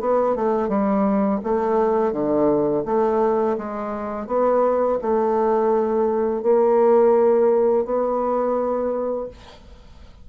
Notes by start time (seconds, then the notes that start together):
0.00 B3
0.35 A3
0.69 G3
1.44 A3
2.12 D3
2.85 A3
3.58 G#3
4.27 B3
5.02 A3
6.43 A#3
7.85 B3